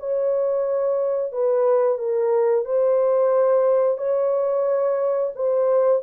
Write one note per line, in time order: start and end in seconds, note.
0.00 1.33 C#5
1.33 1.99 B4
1.99 2.65 A#4
2.65 3.98 C5
3.98 5.33 C#5
5.36 6.03 C5